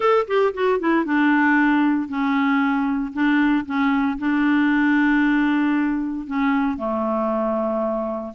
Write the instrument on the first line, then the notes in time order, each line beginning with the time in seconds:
clarinet
0.00 A4
0.27 G4
0.54 F#4
0.79 E4
1.05 D4
2.08 C#4
3.13 D4
3.65 C#4
4.18 D4
6.26 C#4
6.77 A3